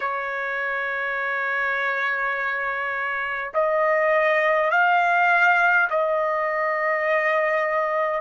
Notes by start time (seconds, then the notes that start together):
0.00 C#5
3.53 D#5
4.71 F5
5.89 D#5